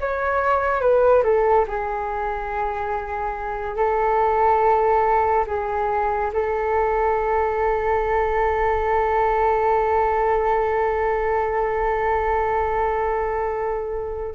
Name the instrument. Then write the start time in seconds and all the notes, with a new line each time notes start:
flute
0.00 C#5
0.81 B4
1.23 A4
1.67 G#4
3.76 A4
5.47 G#4
6.33 A4